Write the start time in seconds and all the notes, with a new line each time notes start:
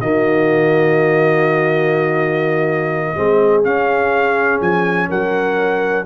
0.00 D#3 A#3 F#4 D#5
3.16 G#3 C4 G#4
3.63 C#4 F5
4.60 F3 G#5
5.08 F#3 A#4 F#5